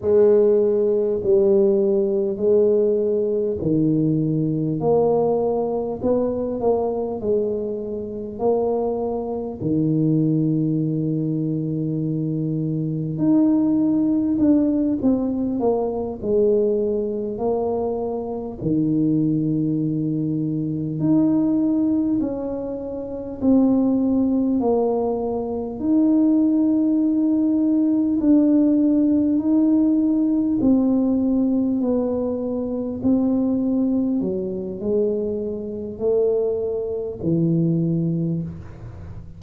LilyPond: \new Staff \with { instrumentName = "tuba" } { \time 4/4 \tempo 4 = 50 gis4 g4 gis4 dis4 | ais4 b8 ais8 gis4 ais4 | dis2. dis'4 | d'8 c'8 ais8 gis4 ais4 dis8~ |
dis4. dis'4 cis'4 c'8~ | c'8 ais4 dis'2 d'8~ | d'8 dis'4 c'4 b4 c'8~ | c'8 fis8 gis4 a4 e4 | }